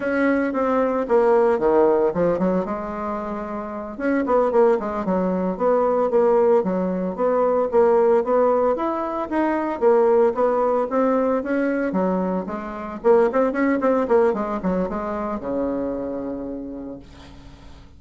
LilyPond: \new Staff \with { instrumentName = "bassoon" } { \time 4/4 \tempo 4 = 113 cis'4 c'4 ais4 dis4 | f8 fis8 gis2~ gis8 cis'8 | b8 ais8 gis8 fis4 b4 ais8~ | ais8 fis4 b4 ais4 b8~ |
b8 e'4 dis'4 ais4 b8~ | b8 c'4 cis'4 fis4 gis8~ | gis8 ais8 c'8 cis'8 c'8 ais8 gis8 fis8 | gis4 cis2. | }